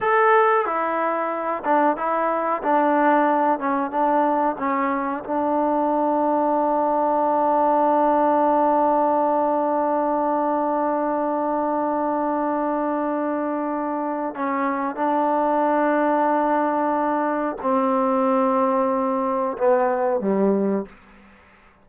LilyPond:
\new Staff \with { instrumentName = "trombone" } { \time 4/4 \tempo 4 = 92 a'4 e'4. d'8 e'4 | d'4. cis'8 d'4 cis'4 | d'1~ | d'1~ |
d'1~ | d'2 cis'4 d'4~ | d'2. c'4~ | c'2 b4 g4 | }